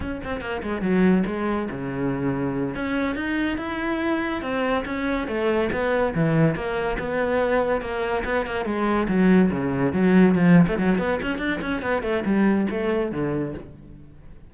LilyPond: \new Staff \with { instrumentName = "cello" } { \time 4/4 \tempo 4 = 142 cis'8 c'8 ais8 gis8 fis4 gis4 | cis2~ cis8 cis'4 dis'8~ | dis'8 e'2 c'4 cis'8~ | cis'8 a4 b4 e4 ais8~ |
ais8 b2 ais4 b8 | ais8 gis4 fis4 cis4 fis8~ | fis8 f8. a16 fis8 b8 cis'8 d'8 cis'8 | b8 a8 g4 a4 d4 | }